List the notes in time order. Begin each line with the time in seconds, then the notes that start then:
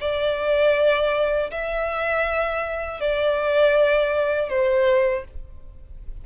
0.00 D5
1.50 E5
3.00 D5
4.49 C5